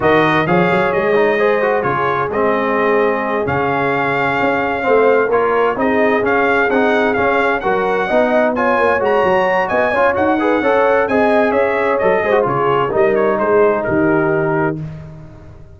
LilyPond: <<
  \new Staff \with { instrumentName = "trumpet" } { \time 4/4 \tempo 4 = 130 dis''4 f''4 dis''2 | cis''4 dis''2~ dis''8 f''8~ | f''2.~ f''8 cis''8~ | cis''8 dis''4 f''4 fis''4 f''8~ |
f''8 fis''2 gis''4 ais''8~ | ais''4 gis''4 fis''2 | gis''4 e''4 dis''4 cis''4 | dis''8 cis''8 c''4 ais'2 | }
  \new Staff \with { instrumentName = "horn" } { \time 4/4 ais'4 cis''2 c''4 | gis'1~ | gis'2~ gis'8 c''4 ais'8~ | ais'8 gis'2.~ gis'8~ |
gis'8 ais'4 dis''4 cis''4.~ | cis''4 dis''8 cis''4 b'8 cis''4 | dis''4 cis''4. c''8 gis'4 | ais'4 gis'4 g'2 | }
  \new Staff \with { instrumentName = "trombone" } { \time 4/4 fis'4 gis'4. dis'8 gis'8 fis'8 | f'4 c'2~ c'8 cis'8~ | cis'2~ cis'8 c'4 f'8~ | f'8 dis'4 cis'4 dis'4 cis'8~ |
cis'8 fis'4 dis'4 f'4 fis'8~ | fis'4. f'8 fis'8 gis'8 a'4 | gis'2 a'8 gis'16 fis'16 f'4 | dis'1 | }
  \new Staff \with { instrumentName = "tuba" } { \time 4/4 dis4 f8 fis8 gis2 | cis4 gis2~ gis8 cis8~ | cis4. cis'4 a4 ais8~ | ais8 c'4 cis'4 c'4 cis'8~ |
cis'8 fis4 b4. ais8 gis8 | fis4 b8 cis'8 dis'4 cis'4 | c'4 cis'4 fis8 gis8 cis4 | g4 gis4 dis2 | }
>>